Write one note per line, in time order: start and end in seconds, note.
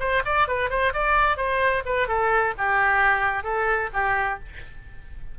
0.00 0.23 C5
0.25 0.48 D5
0.48 0.70 B4
0.70 0.93 C5
0.94 1.37 D5
1.37 1.83 C5
1.86 2.08 B4
2.08 2.54 A4
2.58 3.44 G4
3.44 3.90 A4
3.93 4.39 G4